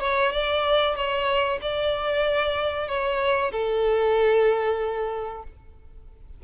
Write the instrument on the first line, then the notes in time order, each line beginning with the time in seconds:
violin
0.00 C#5
0.32 D5
0.95 C#5
1.62 D5
2.88 C#5
3.51 A4